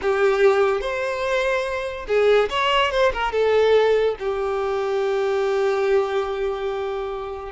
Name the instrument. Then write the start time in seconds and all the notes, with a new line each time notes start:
violin
0.01 G4
0.80 C5
2.07 G#4
2.49 C#5
2.91 C5
3.13 A#4
3.32 A4
4.19 G4